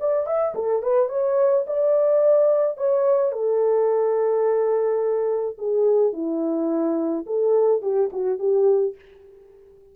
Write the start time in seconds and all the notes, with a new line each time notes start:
0.00 D5
0.27 E5
0.55 A4
0.83 B4
1.09 C#5
1.67 D5
2.78 C#5
3.32 A4
5.58 G#4
6.13 E4
7.26 A4
7.82 G4
8.12 F#4
8.39 G4